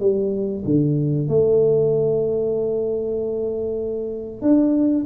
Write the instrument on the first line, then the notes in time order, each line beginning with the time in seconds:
tuba
0.00 G3
0.65 D3
1.28 A3
4.42 D4